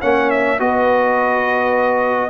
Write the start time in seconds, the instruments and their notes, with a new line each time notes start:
0.00 tuba A#3, trombone C#4, horn C#5, trumpet F#5
0.30 trumpet E5
0.59 tuba B3, trombone F#4, horn B4, trumpet D#5